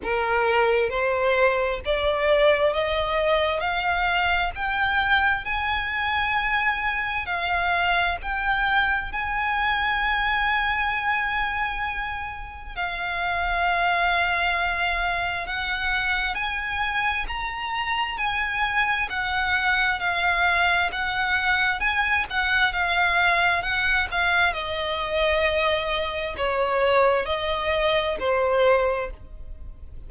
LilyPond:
\new Staff \with { instrumentName = "violin" } { \time 4/4 \tempo 4 = 66 ais'4 c''4 d''4 dis''4 | f''4 g''4 gis''2 | f''4 g''4 gis''2~ | gis''2 f''2~ |
f''4 fis''4 gis''4 ais''4 | gis''4 fis''4 f''4 fis''4 | gis''8 fis''8 f''4 fis''8 f''8 dis''4~ | dis''4 cis''4 dis''4 c''4 | }